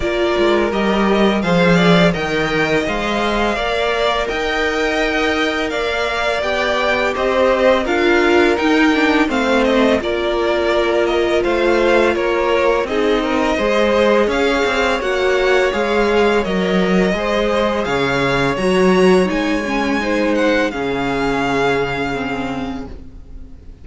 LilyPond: <<
  \new Staff \with { instrumentName = "violin" } { \time 4/4 \tempo 4 = 84 d''4 dis''4 f''4 g''4 | f''2 g''2 | f''4 g''4 dis''4 f''4 | g''4 f''8 dis''8 d''4. dis''8 |
f''4 cis''4 dis''2 | f''4 fis''4 f''4 dis''4~ | dis''4 f''4 ais''4 gis''4~ | gis''8 fis''8 f''2. | }
  \new Staff \with { instrumentName = "violin" } { \time 4/4 ais'2 c''8 d''8 dis''4~ | dis''4 d''4 dis''2 | d''2 c''4 ais'4~ | ais'4 c''4 ais'2 |
c''4 ais'4 gis'8 ais'8 c''4 | cis''1 | c''4 cis''2. | c''4 gis'2. | }
  \new Staff \with { instrumentName = "viola" } { \time 4/4 f'4 g'4 gis'4 ais'4 | c''4 ais'2.~ | ais'4 g'2 f'4 | dis'8 d'8 c'4 f'2~ |
f'2 dis'4 gis'4~ | gis'4 fis'4 gis'4 ais'4 | gis'2 fis'4 dis'8 cis'8 | dis'4 cis'2 c'4 | }
  \new Staff \with { instrumentName = "cello" } { \time 4/4 ais8 gis8 g4 f4 dis4 | gis4 ais4 dis'2 | ais4 b4 c'4 d'4 | dis'4 a4 ais2 |
a4 ais4 c'4 gis4 | cis'8 c'8 ais4 gis4 fis4 | gis4 cis4 fis4 gis4~ | gis4 cis2. | }
>>